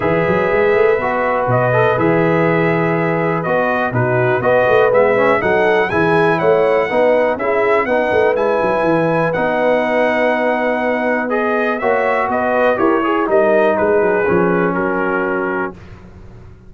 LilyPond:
<<
  \new Staff \with { instrumentName = "trumpet" } { \time 4/4 \tempo 4 = 122 e''2. dis''4 | e''2. dis''4 | b'4 dis''4 e''4 fis''4 | gis''4 fis''2 e''4 |
fis''4 gis''2 fis''4~ | fis''2. dis''4 | e''4 dis''4 cis''4 dis''4 | b'2 ais'2 | }
  \new Staff \with { instrumentName = "horn" } { \time 4/4 b'1~ | b'1 | fis'4 b'2 a'4 | gis'4 cis''4 b'4 gis'4 |
b'1~ | b'1 | cis''4 b'4 ais'8 gis'8 ais'4 | gis'2 fis'2 | }
  \new Staff \with { instrumentName = "trombone" } { \time 4/4 gis'2 fis'4. a'8 | gis'2. fis'4 | dis'4 fis'4 b8 cis'8 dis'4 | e'2 dis'4 e'4 |
dis'4 e'2 dis'4~ | dis'2. gis'4 | fis'2 g'8 gis'8 dis'4~ | dis'4 cis'2. | }
  \new Staff \with { instrumentName = "tuba" } { \time 4/4 e8 fis8 gis8 a8 b4 b,4 | e2. b4 | b,4 b8 a8 gis4 fis4 | e4 a4 b4 cis'4 |
b8 a8 gis8 fis8 e4 b4~ | b1 | ais4 b4 e'4 g4 | gis8 fis8 f4 fis2 | }
>>